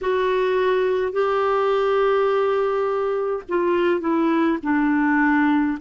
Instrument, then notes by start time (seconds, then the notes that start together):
clarinet
0.01 F#4
1.12 G4
3.49 F4
4.00 E4
4.63 D4